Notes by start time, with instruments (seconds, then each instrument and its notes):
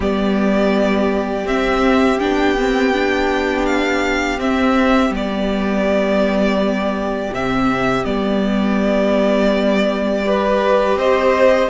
0.00 cello G3, viola B3, violin G4 D5
1.45 cello C4, viola C4, violin E5
2.19 cello B3, viola D4, violin G5
2.57 viola C4
2.93 viola D4
3.66 violin F5
4.39 cello C4, viola C4, violin E5
5.10 cello G3, viola B3, violin D5
7.32 cello C3, viola C4, violin E5
8.04 cello G3, viola B3, violin D5
10.23 viola G4, violin B4
10.95 cello C4, violin C5 D#5